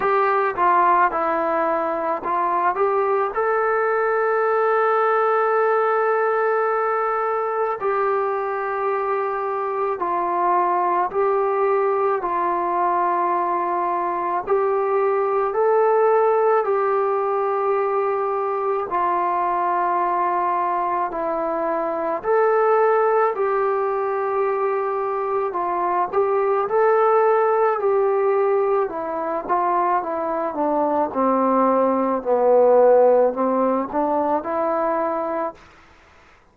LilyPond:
\new Staff \with { instrumentName = "trombone" } { \time 4/4 \tempo 4 = 54 g'8 f'8 e'4 f'8 g'8 a'4~ | a'2. g'4~ | g'4 f'4 g'4 f'4~ | f'4 g'4 a'4 g'4~ |
g'4 f'2 e'4 | a'4 g'2 f'8 g'8 | a'4 g'4 e'8 f'8 e'8 d'8 | c'4 b4 c'8 d'8 e'4 | }